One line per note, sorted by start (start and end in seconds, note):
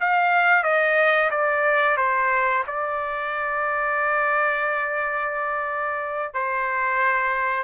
0.00 0.64 F5
0.64 1.30 D#5
1.31 1.97 D5
1.97 2.64 C5
2.67 6.34 D5
6.34 7.64 C5